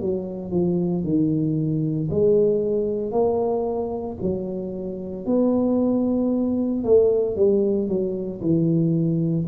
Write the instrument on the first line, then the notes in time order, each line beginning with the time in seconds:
tuba
0.00 F#3
0.51 F3
1.03 D#3
2.10 G#3
3.11 A#3
4.21 F#3
5.26 B3
6.84 A3
7.36 G3
7.88 F#3
8.41 E3